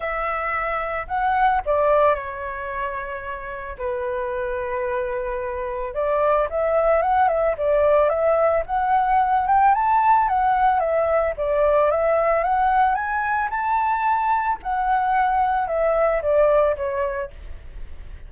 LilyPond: \new Staff \with { instrumentName = "flute" } { \time 4/4 \tempo 4 = 111 e''2 fis''4 d''4 | cis''2. b'4~ | b'2. d''4 | e''4 fis''8 e''8 d''4 e''4 |
fis''4. g''8 a''4 fis''4 | e''4 d''4 e''4 fis''4 | gis''4 a''2 fis''4~ | fis''4 e''4 d''4 cis''4 | }